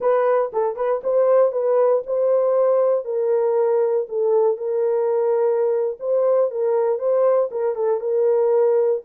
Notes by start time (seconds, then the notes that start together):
0.00 B4
0.52 A4
0.76 B4
1.03 C5
1.51 B4
2.06 C5
3.05 A#4
4.08 A4
4.57 A#4
5.99 C5
6.50 A#4
6.98 C5
7.51 A#4
7.75 A4
8.00 A#4